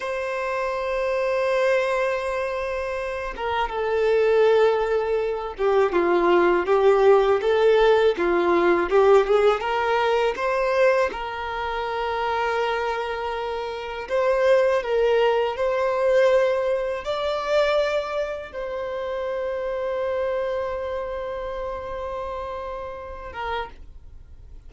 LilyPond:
\new Staff \with { instrumentName = "violin" } { \time 4/4 \tempo 4 = 81 c''1~ | c''8 ais'8 a'2~ a'8 g'8 | f'4 g'4 a'4 f'4 | g'8 gis'8 ais'4 c''4 ais'4~ |
ais'2. c''4 | ais'4 c''2 d''4~ | d''4 c''2.~ | c''2.~ c''8 ais'8 | }